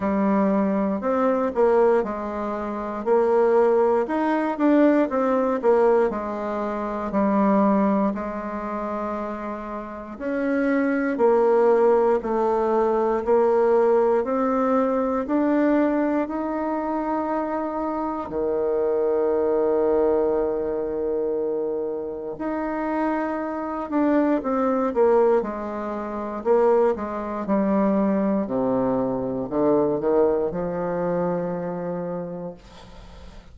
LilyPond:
\new Staff \with { instrumentName = "bassoon" } { \time 4/4 \tempo 4 = 59 g4 c'8 ais8 gis4 ais4 | dis'8 d'8 c'8 ais8 gis4 g4 | gis2 cis'4 ais4 | a4 ais4 c'4 d'4 |
dis'2 dis2~ | dis2 dis'4. d'8 | c'8 ais8 gis4 ais8 gis8 g4 | c4 d8 dis8 f2 | }